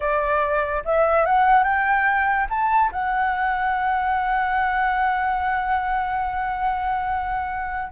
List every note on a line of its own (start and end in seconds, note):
0.00 0.83 D5
0.84 1.25 E5
1.25 1.63 F#5
1.63 2.47 G5
2.49 2.91 A5
2.91 7.91 F#5